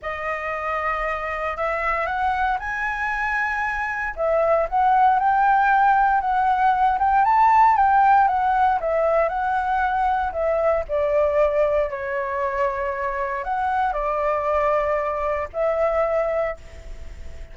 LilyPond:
\new Staff \with { instrumentName = "flute" } { \time 4/4 \tempo 4 = 116 dis''2. e''4 | fis''4 gis''2. | e''4 fis''4 g''2 | fis''4. g''8 a''4 g''4 |
fis''4 e''4 fis''2 | e''4 d''2 cis''4~ | cis''2 fis''4 d''4~ | d''2 e''2 | }